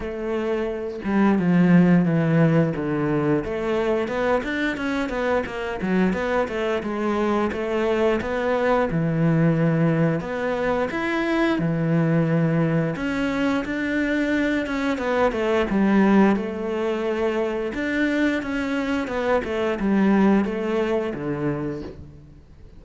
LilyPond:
\new Staff \with { instrumentName = "cello" } { \time 4/4 \tempo 4 = 88 a4. g8 f4 e4 | d4 a4 b8 d'8 cis'8 b8 | ais8 fis8 b8 a8 gis4 a4 | b4 e2 b4 |
e'4 e2 cis'4 | d'4. cis'8 b8 a8 g4 | a2 d'4 cis'4 | b8 a8 g4 a4 d4 | }